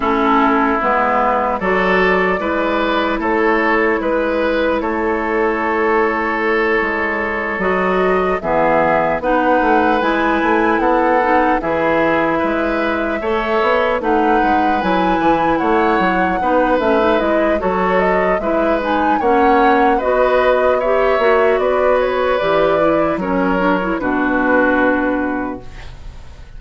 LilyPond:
<<
  \new Staff \with { instrumentName = "flute" } { \time 4/4 \tempo 4 = 75 a'4 b'4 d''2 | cis''4 b'4 cis''2~ | cis''4. dis''4 e''4 fis''8~ | fis''8 gis''4 fis''4 e''4.~ |
e''4. fis''4 gis''4 fis''8~ | fis''4 e''8 dis''8 cis''8 dis''8 e''8 gis''8 | fis''4 dis''4 e''4 d''8 cis''8 | d''4 cis''4 b'2 | }
  \new Staff \with { instrumentName = "oboe" } { \time 4/4 e'2 a'4 b'4 | a'4 b'4 a'2~ | a'2~ a'8 gis'4 b'8~ | b'4. a'4 gis'4 b'8~ |
b'8 cis''4 b'2 cis''8~ | cis''8 b'4. a'4 b'4 | cis''4 b'4 cis''4 b'4~ | b'4 ais'4 fis'2 | }
  \new Staff \with { instrumentName = "clarinet" } { \time 4/4 cis'4 b4 fis'4 e'4~ | e'1~ | e'4. fis'4 b4 dis'8~ | dis'8 e'4. dis'8 e'4.~ |
e'8 a'4 dis'4 e'4.~ | e'8 dis'8 cis'16 dis'16 e'8 fis'4 e'8 dis'8 | cis'4 fis'4 g'8 fis'4. | g'8 e'8 cis'8 d'16 e'16 d'2 | }
  \new Staff \with { instrumentName = "bassoon" } { \time 4/4 a4 gis4 fis4 gis4 | a4 gis4 a2~ | a8 gis4 fis4 e4 b8 | a8 gis8 a8 b4 e4 gis8~ |
gis8 a8 b8 a8 gis8 fis8 e8 a8 | fis8 b8 a8 gis8 fis4 gis4 | ais4 b4. ais8 b4 | e4 fis4 b,2 | }
>>